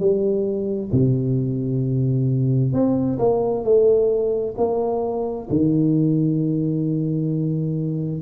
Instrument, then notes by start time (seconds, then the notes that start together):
tuba
0.00 G3
0.92 C3
2.73 C4
3.19 A#3
3.64 A3
4.57 A#3
5.50 D#3